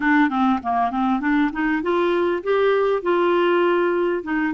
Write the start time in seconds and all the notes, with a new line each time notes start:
0.00 D4
0.29 C4
0.63 A#3
0.90 C4
1.20 D4
1.52 D#4
1.82 F4
2.43 G4
3.02 F4
4.23 D#4